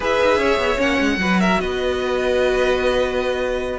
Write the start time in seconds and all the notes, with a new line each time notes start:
0.00 E4 G#4 B4 E5
0.21 D#4
0.37 C#4 C#5
0.57 B3
0.77 A#3 C#4 F#5
0.99 G#3
1.17 F#3 F#4 B4
1.40 A#4 E5
1.60 B3 B4 D#5